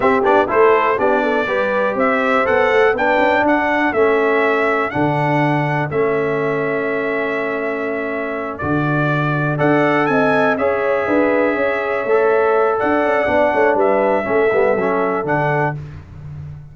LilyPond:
<<
  \new Staff \with { instrumentName = "trumpet" } { \time 4/4 \tempo 4 = 122 e''8 d''8 c''4 d''2 | e''4 fis''4 g''4 fis''4 | e''2 fis''2 | e''1~ |
e''4. d''2 fis''8~ | fis''8 gis''4 e''2~ e''8~ | e''2 fis''2 | e''2. fis''4 | }
  \new Staff \with { instrumentName = "horn" } { \time 4/4 g'4 a'4 g'8 a'8 b'4 | c''2 b'4 a'4~ | a'1~ | a'1~ |
a'2.~ a'8 d''8~ | d''8 dis''4 cis''4 b'4 cis''8~ | cis''2 d''4. cis''8 | b'4 a'2. | }
  \new Staff \with { instrumentName = "trombone" } { \time 4/4 c'8 d'8 e'4 d'4 g'4~ | g'4 a'4 d'2 | cis'2 d'2 | cis'1~ |
cis'4. fis'2 a'8~ | a'4. gis'2~ gis'8~ | gis'8 a'2~ a'8 d'4~ | d'4 cis'8 b8 cis'4 d'4 | }
  \new Staff \with { instrumentName = "tuba" } { \time 4/4 c'8 b8 a4 b4 g4 | c'4 b8 a8 b8 cis'8 d'4 | a2 d2 | a1~ |
a4. d2 d'8~ | d'8 c'4 cis'4 d'4 cis'8~ | cis'8 a4. d'8 cis'8 b8 a8 | g4 a8 g8 fis4 d4 | }
>>